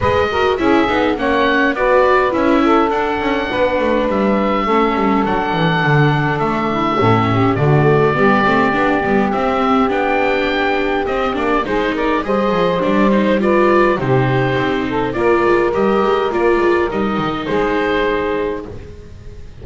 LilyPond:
<<
  \new Staff \with { instrumentName = "oboe" } { \time 4/4 \tempo 4 = 103 dis''4 e''4 fis''4 d''4 | e''4 fis''2 e''4~ | e''4 fis''2 e''4~ | e''4 d''2. |
e''4 g''2 dis''8 d''8 | c''8 d''8 dis''4 d''8 c''8 d''4 | c''2 d''4 dis''4 | d''4 dis''4 c''2 | }
  \new Staff \with { instrumentName = "saxophone" } { \time 4/4 b'8 ais'8 gis'4 cis''4 b'4~ | b'8 a'4. b'2 | a'2.~ a'8 e'8 | a'8 g'8 fis'4 g'2~ |
g'1 | gis'8 ais'8 c''2 b'4 | g'4. a'8 ais'2~ | ais'2 gis'2 | }
  \new Staff \with { instrumentName = "viola" } { \time 4/4 gis'8 fis'8 e'8 dis'8 cis'4 fis'4 | e'4 d'2. | cis'4 d'2. | cis'4 a4 b8 c'8 d'8 b8 |
c'4 d'2 c'8 d'8 | dis'4 gis'4 d'8 dis'8 f'4 | dis'2 f'4 g'4 | f'4 dis'2. | }
  \new Staff \with { instrumentName = "double bass" } { \time 4/4 gis4 cis'8 b8 ais4 b4 | cis'4 d'8 cis'8 b8 a8 g4 | a8 g8 fis8 e8 d4 a4 | a,4 d4 g8 a8 b8 g8 |
c'4 b2 c'8 ais8 | gis4 g8 f8 g2 | c4 c'4 ais8 gis8 g8 gis8 | ais8 gis8 g8 dis8 gis2 | }
>>